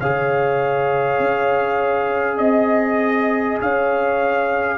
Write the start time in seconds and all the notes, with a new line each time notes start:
0.00 C#3 G#4 C#5 F5
1.19 C#4
2.37 C4 D#5
3.60 C#4 C#5 F5